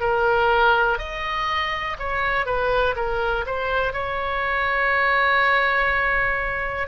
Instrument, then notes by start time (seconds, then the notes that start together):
oboe
0.00 A#4
0.98 D#5
1.99 C#5
2.45 B4
2.96 A#4
3.46 C5
3.93 C#5